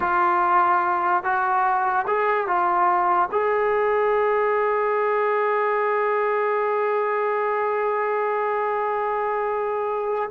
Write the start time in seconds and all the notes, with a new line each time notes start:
0.00 F4
1.23 F#4
2.07 G#4
2.47 F4
3.31 G#4